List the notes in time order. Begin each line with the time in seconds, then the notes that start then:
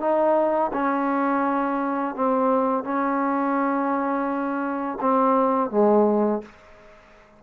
0.00 D#4
0.73 C#4
2.16 C4
2.84 C#4
5.01 C4
5.70 G#3